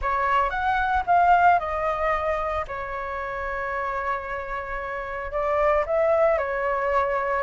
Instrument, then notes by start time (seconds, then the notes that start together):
flute
0.01 C#5
0.49 F#5
1.06 F5
1.59 D#5
2.67 C#5
5.31 D5
5.86 E5
6.38 C#5